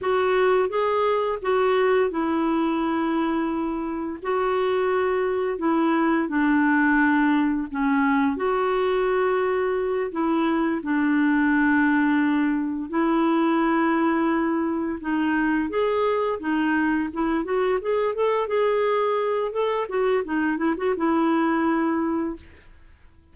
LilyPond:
\new Staff \with { instrumentName = "clarinet" } { \time 4/4 \tempo 4 = 86 fis'4 gis'4 fis'4 e'4~ | e'2 fis'2 | e'4 d'2 cis'4 | fis'2~ fis'8 e'4 d'8~ |
d'2~ d'8 e'4.~ | e'4. dis'4 gis'4 dis'8~ | dis'8 e'8 fis'8 gis'8 a'8 gis'4. | a'8 fis'8 dis'8 e'16 fis'16 e'2 | }